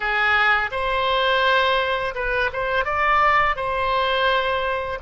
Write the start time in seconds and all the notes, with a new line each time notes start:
0.00 G#4
0.71 C5
2.14 B4
2.52 C5
2.84 D5
3.56 C5